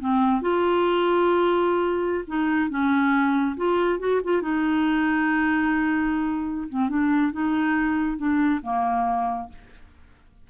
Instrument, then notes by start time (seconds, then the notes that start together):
clarinet
0.00 C4
0.42 F4
2.28 D#4
2.70 C#4
3.57 F4
4.00 F#4
4.24 F4
4.42 D#4
6.69 C4
6.89 D4
7.33 D#4
8.18 D4
8.63 A#3